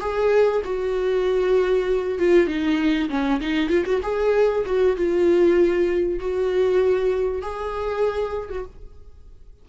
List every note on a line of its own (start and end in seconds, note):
0.00 0.62 G#4
0.65 2.19 F#4
2.19 2.47 F4
2.47 3.09 D#4
3.09 3.40 C#4
3.40 3.69 D#4
3.69 3.85 F4
3.85 4.01 F#4
4.03 4.64 G#4
4.66 4.97 F#4
4.97 6.19 F4
6.19 7.42 F#4
7.42 8.50 G#4
8.50 8.65 F#4